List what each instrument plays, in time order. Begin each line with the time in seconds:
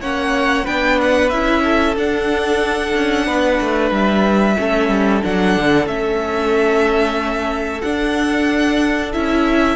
0.00 cello A#3, viola C#4, violin C#5 F#5
0.64 cello B3, viola D4, violin B4 G5
1.01 violin F#5
1.29 cello C#4, viola E4, violin E5
1.63 violin A4
1.96 cello D4, viola D4, violin F#5
2.95 cello C#4
3.26 cello B3, violin B4
3.60 cello A3
3.91 cello G3, violin E5
4.57 cello A3, viola C#4, violin A4
4.88 cello G3
5.22 cello F#3, viola D4, violin F#5
5.56 cello D3
5.86 cello A3, viola C#4, violin E5
7.81 cello D4, viola D4, violin F#5
9.12 cello C#4, viola E4, violin E5